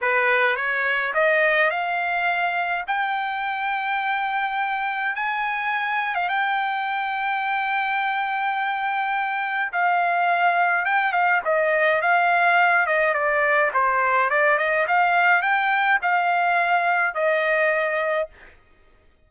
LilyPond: \new Staff \with { instrumentName = "trumpet" } { \time 4/4 \tempo 4 = 105 b'4 cis''4 dis''4 f''4~ | f''4 g''2.~ | g''4 gis''4.~ gis''16 f''16 g''4~ | g''1~ |
g''4 f''2 g''8 f''8 | dis''4 f''4. dis''8 d''4 | c''4 d''8 dis''8 f''4 g''4 | f''2 dis''2 | }